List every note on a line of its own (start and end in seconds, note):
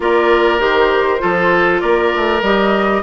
0.00 0.59 A#3
0.00 0.59 F4
0.00 1.21 A#4
0.00 0.60 D5
0.59 1.19 D#3
0.59 1.18 G4
0.59 1.80 C5
1.18 1.82 F3
1.18 2.40 F4
1.18 1.81 A4
1.80 2.12 A#3
1.80 3.02 A#4
1.80 2.41 D5
2.16 2.41 A3
2.41 3.02 G3
2.41 3.02 G4
2.41 3.02 D#5